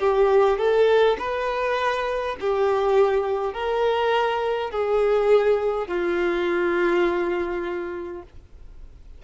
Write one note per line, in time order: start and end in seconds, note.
0.00 0.59 G4
0.59 1.18 A4
1.19 2.37 B4
2.41 3.54 G4
3.54 4.71 A#4
4.71 5.88 G#4
5.88 8.23 F4